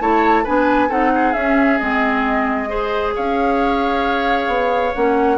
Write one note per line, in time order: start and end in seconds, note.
0.00 0.45 A3
0.00 0.45 E4
0.00 0.43 C#5
0.00 0.46 A5
0.43 0.90 B3
0.43 0.89 D4
0.43 0.88 B4
0.43 0.91 G#5
0.88 1.34 C4
0.88 1.34 D#4
0.88 1.11 A4
0.88 1.33 F#5
1.14 2.69 G#4
1.33 1.79 C#4
1.33 1.78 E5
1.78 3.15 G#3
1.78 2.68 C4
1.78 3.12 D#5
2.68 4.92 G#4
2.68 3.14 C5
3.15 4.47 C#4
3.15 5.38 C#5
3.15 4.95 F5
4.47 4.92 B3
4.95 5.38 A#3
4.95 5.38 C#4
4.95 5.38 F#5